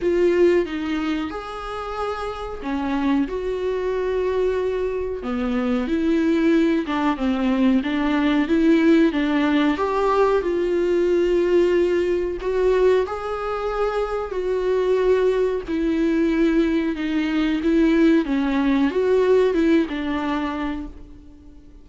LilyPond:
\new Staff \with { instrumentName = "viola" } { \time 4/4 \tempo 4 = 92 f'4 dis'4 gis'2 | cis'4 fis'2. | b4 e'4. d'8 c'4 | d'4 e'4 d'4 g'4 |
f'2. fis'4 | gis'2 fis'2 | e'2 dis'4 e'4 | cis'4 fis'4 e'8 d'4. | }